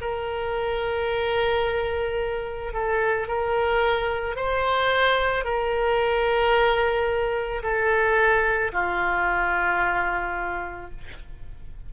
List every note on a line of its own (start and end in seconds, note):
0.00 2.73 A#4
2.73 3.27 A4
3.27 4.35 A#4
4.35 5.44 C5
5.44 7.62 A#4
7.62 8.71 A4
8.72 10.90 F4